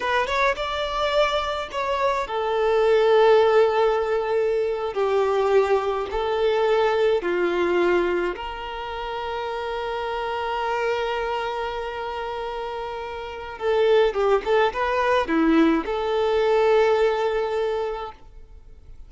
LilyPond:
\new Staff \with { instrumentName = "violin" } { \time 4/4 \tempo 4 = 106 b'8 cis''8 d''2 cis''4 | a'1~ | a'8. g'2 a'4~ a'16~ | a'8. f'2 ais'4~ ais'16~ |
ais'1~ | ais'1 | a'4 g'8 a'8 b'4 e'4 | a'1 | }